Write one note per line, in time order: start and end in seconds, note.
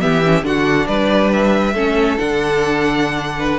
0.00 0.43 E3
0.00 0.22 B3
0.00 0.45 G4
0.00 0.43 E5
0.25 0.43 C#4
0.43 0.86 D3
0.43 1.73 D4
0.43 0.87 F#4
0.43 0.87 F#5
0.87 1.74 G3
0.87 1.74 B4
0.87 1.30 D5
1.32 2.18 E5
1.74 2.17 A3
1.74 2.18 C#4
1.74 3.37 A4
2.18 3.59 D3
2.18 3.59 D4
2.18 3.59 F#5
3.38 3.59 B4